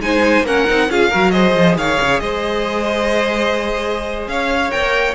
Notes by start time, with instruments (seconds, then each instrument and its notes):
0.00 cello G#3, viola D#4, violin C5 G#5
0.42 cello A#3, viola C#4, violin A#4 F#5
0.68 cello C4, viola D#4
0.89 cello C#4, viola F4, violin G#4 F5
1.10 cello F#3, viola F#4, violin A#4
1.31 viola G#4, violin C5 D#5
1.56 cello F3
1.76 cello D#3, violin C#5 F5
2.01 cello C#3
2.20 cello G#3, violin C5 D#5
4.27 cello C#4, violin C#5 F5
4.71 cello C4, viola A#4, violin G5
4.81 cello A#3